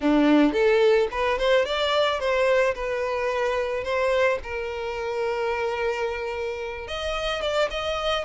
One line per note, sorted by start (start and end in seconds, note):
0.01 0.53 D4
0.53 1.08 A4
1.11 1.38 B4
1.38 1.65 C5
1.65 2.19 D5
2.19 2.74 C5
2.74 3.84 B4
3.84 4.39 C5
4.43 6.87 A#4
6.87 7.41 D#5
7.41 7.69 D5
7.70 8.24 D#5